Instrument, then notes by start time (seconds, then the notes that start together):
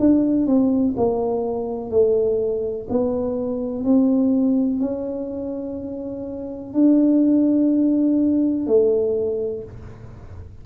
tuba
0.00 D4
0.47 C4
0.97 A#3
1.91 A3
2.90 B3
3.84 C4
4.80 C#4
6.74 D4
8.67 A3